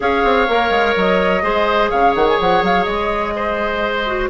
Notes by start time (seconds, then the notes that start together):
0.00 C#4 G#4 C#5 F5
0.23 C4
0.48 A#3 A#4
0.70 G#3
0.96 F#3 D#5
1.41 G#3 G#4 C5
1.90 C#3 C#5 F5
2.15 D#3 F#5
2.27 G#5
2.39 F3 F#5
2.62 F#3 F5
2.84 G#3 D#5
3.35 C5
4.05 F#4